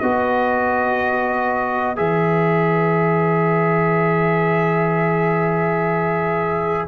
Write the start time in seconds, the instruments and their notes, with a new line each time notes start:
0.00 tuba B3, trombone F#4, horn B4, trumpet D#5
1.96 tuba E3, trombone G#4, trumpet E5